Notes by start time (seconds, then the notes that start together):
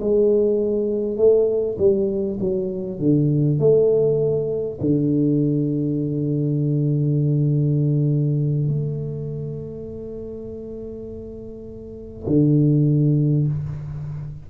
0.00 G#3
1.17 A3
1.78 G3
2.39 F#3
2.99 D3
3.59 A3
4.81 D3
8.68 A3
12.27 D3